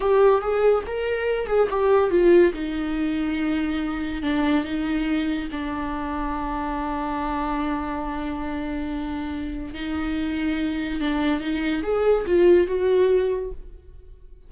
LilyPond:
\new Staff \with { instrumentName = "viola" } { \time 4/4 \tempo 4 = 142 g'4 gis'4 ais'4. gis'8 | g'4 f'4 dis'2~ | dis'2 d'4 dis'4~ | dis'4 d'2.~ |
d'1~ | d'2. dis'4~ | dis'2 d'4 dis'4 | gis'4 f'4 fis'2 | }